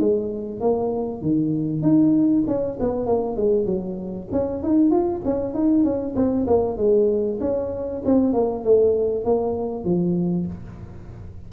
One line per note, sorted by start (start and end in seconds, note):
0.00 0.60 G#3
0.60 1.21 A#3
1.21 1.82 D#3
1.82 2.44 D#4
2.47 2.78 C#4
2.80 3.06 B3
3.06 3.37 A#3
3.37 3.66 G#3
3.66 4.28 F#3
4.32 4.63 C#4
4.63 4.91 D#4
4.91 5.22 F4
5.25 5.54 C#4
5.54 5.84 D#4
5.84 6.15 C#4
6.16 6.47 C4
6.47 6.77 A#3
6.77 7.39 G#3
7.41 8.02 C#4
8.05 8.33 C4
8.33 8.64 A#3
8.64 9.24 A3
9.24 9.85 A#3
9.85 10.46 F3